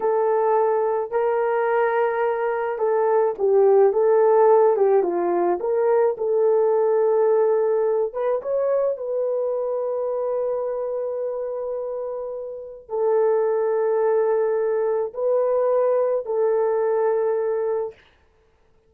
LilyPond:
\new Staff \with { instrumentName = "horn" } { \time 4/4 \tempo 4 = 107 a'2 ais'2~ | ais'4 a'4 g'4 a'4~ | a'8 g'8 f'4 ais'4 a'4~ | a'2~ a'8 b'8 cis''4 |
b'1~ | b'2. a'4~ | a'2. b'4~ | b'4 a'2. | }